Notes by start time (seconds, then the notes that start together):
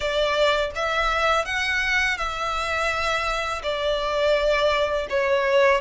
0.00 D5
0.75 E5
1.45 F#5
2.17 E5
3.62 D5
5.09 C#5